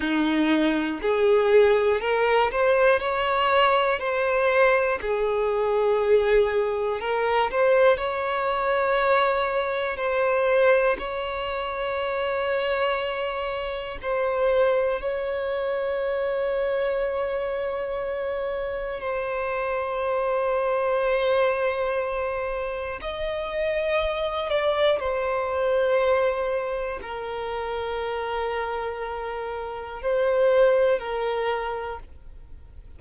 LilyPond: \new Staff \with { instrumentName = "violin" } { \time 4/4 \tempo 4 = 60 dis'4 gis'4 ais'8 c''8 cis''4 | c''4 gis'2 ais'8 c''8 | cis''2 c''4 cis''4~ | cis''2 c''4 cis''4~ |
cis''2. c''4~ | c''2. dis''4~ | dis''8 d''8 c''2 ais'4~ | ais'2 c''4 ais'4 | }